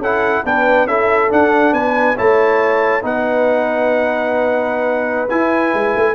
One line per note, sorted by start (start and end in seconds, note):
0.00 0.43 C#4
0.00 0.45 E4
0.00 0.44 A4
0.00 0.46 F#5
0.45 0.86 B3
0.45 0.88 D4
0.45 0.88 B4
0.45 0.87 G5
0.86 1.29 C#4
0.86 1.29 E4
0.86 1.74 A4
0.86 1.31 E5
1.29 2.16 D4
1.29 1.73 D4
1.29 1.74 F#5
1.73 2.16 B3
1.73 2.16 B4
1.73 2.17 G#5
2.16 3.03 A3
2.16 3.02 E4
2.16 3.03 C#5
2.16 3.05 A5
3.02 5.30 B3
3.02 5.29 D#4
3.02 6.16 B4
3.02 5.30 F#5
5.30 6.16 E4
5.30 5.74 E4
5.30 6.16 G#5
5.74 5.96 G#3
5.96 6.16 A3